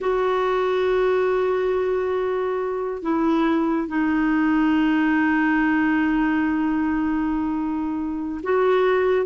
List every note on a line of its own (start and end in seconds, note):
0.00 3.02 F#4
3.02 3.88 E4
3.88 8.41 D#4
8.43 9.26 F#4